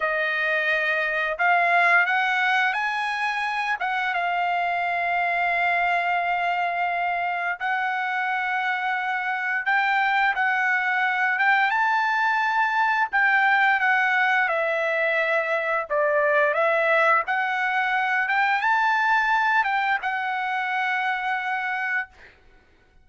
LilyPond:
\new Staff \with { instrumentName = "trumpet" } { \time 4/4 \tempo 4 = 87 dis''2 f''4 fis''4 | gis''4. fis''8 f''2~ | f''2. fis''4~ | fis''2 g''4 fis''4~ |
fis''8 g''8 a''2 g''4 | fis''4 e''2 d''4 | e''4 fis''4. g''8 a''4~ | a''8 g''8 fis''2. | }